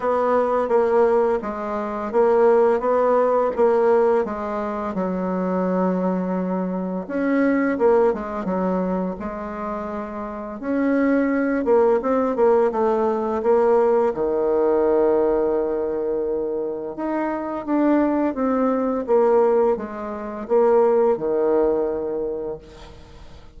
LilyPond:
\new Staff \with { instrumentName = "bassoon" } { \time 4/4 \tempo 4 = 85 b4 ais4 gis4 ais4 | b4 ais4 gis4 fis4~ | fis2 cis'4 ais8 gis8 | fis4 gis2 cis'4~ |
cis'8 ais8 c'8 ais8 a4 ais4 | dis1 | dis'4 d'4 c'4 ais4 | gis4 ais4 dis2 | }